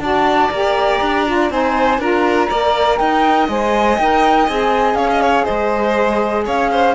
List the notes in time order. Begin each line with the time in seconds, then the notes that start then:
0.00 D4 F#4 D5 A5
0.52 A#3 G4 A#5
1.02 D4
1.27 F4
1.51 C4 D#4 C5 G#5
1.99 D4 F4 A#4 A#5
2.50 A#3 A#4 D5
2.98 D#4 D#5 G5
3.49 G#3 C5 G#5
3.99 D#4 A#4 G5
4.47 C4 G#4 G#5
4.95 C#4 C#5 F5
5.11 D#5
5.22 C#5
5.45 G#3 C5 D#5
6.46 C#4 C#5 F5
6.72 C5